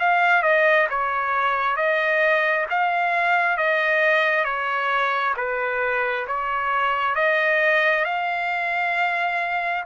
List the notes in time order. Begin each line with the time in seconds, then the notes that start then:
0.00 F5
0.42 D#5
0.90 C#5
1.77 D#5
2.70 F5
3.57 D#5
4.45 C#5
5.37 B4
6.28 C#5
7.15 D#5
8.05 F5